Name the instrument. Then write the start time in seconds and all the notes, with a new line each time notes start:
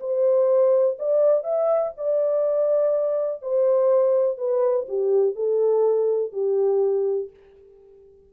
horn
0.00 C5
0.99 D5
1.44 E5
1.97 D5
3.42 C5
4.37 B4
4.88 G4
5.35 A4
6.33 G4